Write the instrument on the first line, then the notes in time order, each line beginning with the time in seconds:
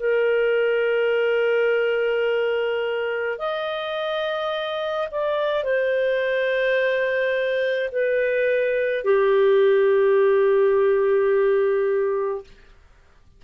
clarinet
0.00 A#4
3.39 D#5
5.11 D5
5.64 C5
7.92 B4
9.05 G4